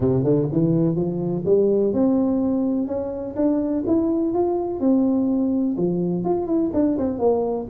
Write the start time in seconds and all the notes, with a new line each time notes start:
0.00 C3
0.23 D3
0.51 E3
0.95 F3
1.45 G3
1.93 C4
2.87 C#4
3.36 D4
3.86 E4
4.33 F4
4.80 C4
5.77 F3
6.24 F4
6.46 E4
6.73 D4
6.98 C4
7.18 A#3